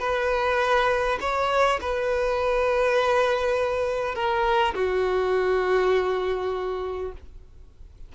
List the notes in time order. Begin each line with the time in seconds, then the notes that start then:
0.00 B4
1.21 C#5
1.81 B4
4.16 A#4
4.75 F#4